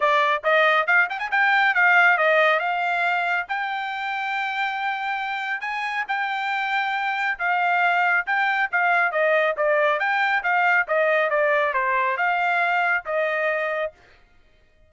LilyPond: \new Staff \with { instrumentName = "trumpet" } { \time 4/4 \tempo 4 = 138 d''4 dis''4 f''8 g''16 gis''16 g''4 | f''4 dis''4 f''2 | g''1~ | g''4 gis''4 g''2~ |
g''4 f''2 g''4 | f''4 dis''4 d''4 g''4 | f''4 dis''4 d''4 c''4 | f''2 dis''2 | }